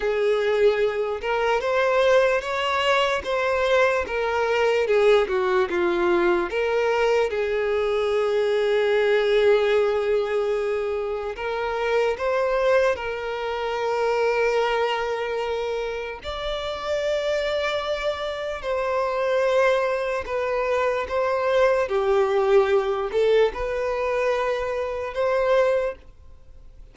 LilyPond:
\new Staff \with { instrumentName = "violin" } { \time 4/4 \tempo 4 = 74 gis'4. ais'8 c''4 cis''4 | c''4 ais'4 gis'8 fis'8 f'4 | ais'4 gis'2.~ | gis'2 ais'4 c''4 |
ais'1 | d''2. c''4~ | c''4 b'4 c''4 g'4~ | g'8 a'8 b'2 c''4 | }